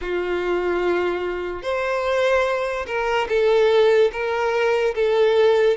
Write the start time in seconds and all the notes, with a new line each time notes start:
0.01 F4
1.62 C5
2.86 A#4
3.28 A4
4.12 A#4
4.94 A4